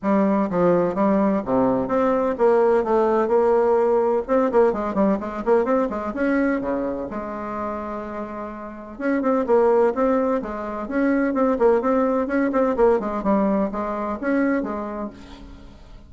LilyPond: \new Staff \with { instrumentName = "bassoon" } { \time 4/4 \tempo 4 = 127 g4 f4 g4 c4 | c'4 ais4 a4 ais4~ | ais4 c'8 ais8 gis8 g8 gis8 ais8 | c'8 gis8 cis'4 cis4 gis4~ |
gis2. cis'8 c'8 | ais4 c'4 gis4 cis'4 | c'8 ais8 c'4 cis'8 c'8 ais8 gis8 | g4 gis4 cis'4 gis4 | }